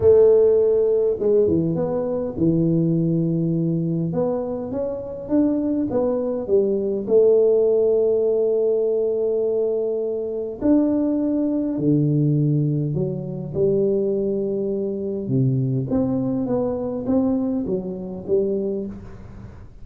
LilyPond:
\new Staff \with { instrumentName = "tuba" } { \time 4/4 \tempo 4 = 102 a2 gis8 e8 b4 | e2. b4 | cis'4 d'4 b4 g4 | a1~ |
a2 d'2 | d2 fis4 g4~ | g2 c4 c'4 | b4 c'4 fis4 g4 | }